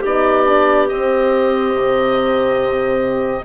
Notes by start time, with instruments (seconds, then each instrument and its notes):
0.00 bassoon B3, horn D#4, clarinet G4, oboe D5
0.47 horn D4
0.89 horn C4, bassoon C4, oboe D#5
1.74 bassoon C3